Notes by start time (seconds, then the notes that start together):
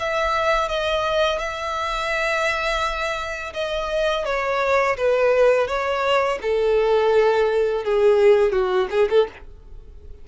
0.00 E5
0.69 D#5
1.39 E5
3.54 D#5
4.26 C#5
4.97 B4
5.68 C#5
6.43 A4
7.85 G#4
8.53 F#4
8.91 G#4
9.10 A4